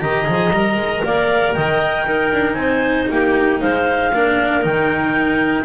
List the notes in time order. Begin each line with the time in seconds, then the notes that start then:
0.00 D#3 G4 D#5 A#5
0.25 F3 G#4
0.51 G3 A#4
0.76 G#3
1.05 A#3 D5 F5
1.54 D#3 D#5 G5
2.05 D#4 A#4
2.32 D4
2.53 C4 G#5
2.60 C5
3.10 A#3 G4 G5
3.60 G#3 C5 F5
4.14 A#3 D4 A#4
4.61 D#3 D#4 G5